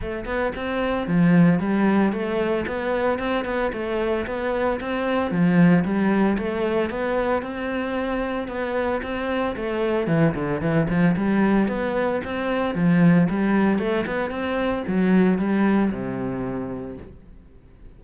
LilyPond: \new Staff \with { instrumentName = "cello" } { \time 4/4 \tempo 4 = 113 a8 b8 c'4 f4 g4 | a4 b4 c'8 b8 a4 | b4 c'4 f4 g4 | a4 b4 c'2 |
b4 c'4 a4 e8 d8 | e8 f8 g4 b4 c'4 | f4 g4 a8 b8 c'4 | fis4 g4 c2 | }